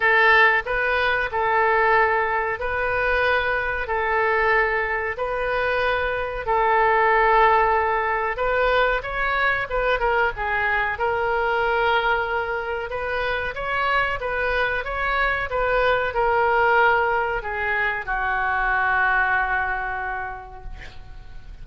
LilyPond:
\new Staff \with { instrumentName = "oboe" } { \time 4/4 \tempo 4 = 93 a'4 b'4 a'2 | b'2 a'2 | b'2 a'2~ | a'4 b'4 cis''4 b'8 ais'8 |
gis'4 ais'2. | b'4 cis''4 b'4 cis''4 | b'4 ais'2 gis'4 | fis'1 | }